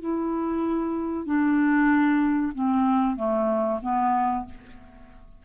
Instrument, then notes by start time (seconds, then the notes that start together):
clarinet
0.00 E4
1.26 D4
2.54 C4
3.16 A3
3.82 B3